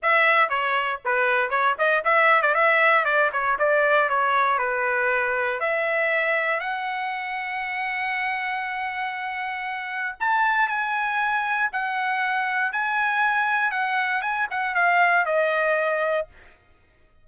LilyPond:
\new Staff \with { instrumentName = "trumpet" } { \time 4/4 \tempo 4 = 118 e''4 cis''4 b'4 cis''8 dis''8 | e''8. d''16 e''4 d''8 cis''8 d''4 | cis''4 b'2 e''4~ | e''4 fis''2.~ |
fis''1 | a''4 gis''2 fis''4~ | fis''4 gis''2 fis''4 | gis''8 fis''8 f''4 dis''2 | }